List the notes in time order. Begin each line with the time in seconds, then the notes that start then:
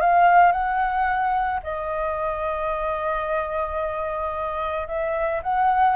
0.00 F5
0.52 F#5
1.63 D#5
4.87 E5
5.43 F#5